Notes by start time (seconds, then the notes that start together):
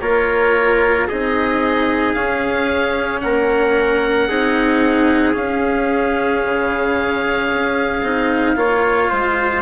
0.00 A#3 F4 A#4 C#5
1.07 C4 D#4 G#4 D#5
2.13 C#4 F5
3.20 A#3 A#4 F#5
4.28 C4 D#4 G#4
5.33 C#4 F5
6.44 C#3
7.53 C#4
8.02 C4 D#4
8.55 A#3 F4 C#5
9.09 G#3 C5